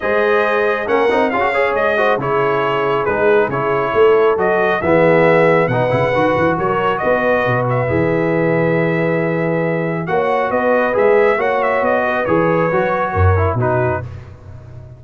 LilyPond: <<
  \new Staff \with { instrumentName = "trumpet" } { \time 4/4 \tempo 4 = 137 dis''2 fis''4 f''4 | dis''4 cis''2 b'4 | cis''2 dis''4 e''4~ | e''4 fis''2 cis''4 |
dis''4. e''2~ e''8~ | e''2. fis''4 | dis''4 e''4 fis''8 e''8 dis''4 | cis''2. b'4 | }
  \new Staff \with { instrumentName = "horn" } { \time 4/4 c''2 ais'4 gis'8 cis''8~ | cis''8 c''8 gis'2.~ | gis'4 a'2 gis'4~ | gis'4 b'2 ais'4 |
b'1~ | b'2. cis''4 | b'2 cis''4. b'8~ | b'2 ais'4 fis'4 | }
  \new Staff \with { instrumentName = "trombone" } { \time 4/4 gis'2 cis'8 dis'8 f'16 fis'16 gis'8~ | gis'8 fis'8 e'2 dis'4 | e'2 fis'4 b4~ | b4 dis'8 e'8 fis'2~ |
fis'2 gis'2~ | gis'2. fis'4~ | fis'4 gis'4 fis'2 | gis'4 fis'4. e'8 dis'4 | }
  \new Staff \with { instrumentName = "tuba" } { \time 4/4 gis2 ais8 c'8 cis'4 | gis4 cis2 gis4 | cis4 a4 fis4 e4~ | e4 b,8 cis8 dis8 e8 fis4 |
b4 b,4 e2~ | e2. ais4 | b4 gis4 ais4 b4 | e4 fis4 fis,4 b,4 | }
>>